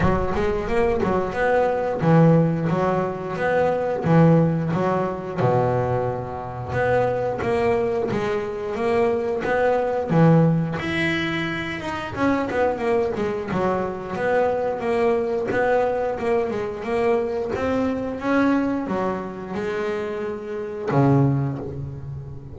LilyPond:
\new Staff \with { instrumentName = "double bass" } { \time 4/4 \tempo 4 = 89 fis8 gis8 ais8 fis8 b4 e4 | fis4 b4 e4 fis4 | b,2 b4 ais4 | gis4 ais4 b4 e4 |
e'4. dis'8 cis'8 b8 ais8 gis8 | fis4 b4 ais4 b4 | ais8 gis8 ais4 c'4 cis'4 | fis4 gis2 cis4 | }